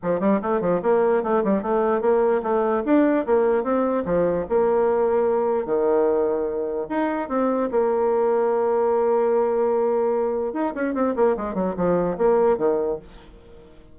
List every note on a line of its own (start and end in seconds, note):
0.02 0.20 F3
0.20 0.40 G3
0.42 0.60 A3
0.60 0.81 F3
0.82 1.23 A#3
1.23 1.43 A3
1.44 1.62 G3
1.62 2.01 A3
2.01 2.41 A#3
2.42 2.83 A3
2.85 3.25 D4
3.25 3.63 A#3
3.63 4.04 C4
4.05 4.46 F3
4.49 5.65 A#3
5.65 6.87 D#3
6.89 7.29 D#4
7.29 7.69 C4
7.71 10.53 A#3
10.53 10.73 D#4
10.75 10.94 C#4
10.94 11.14 C4
11.16 11.36 A#3
11.36 11.54 G#3
11.54 11.74 F#3
11.76 12.17 F3
12.17 12.57 A#3
12.57 12.98 D#3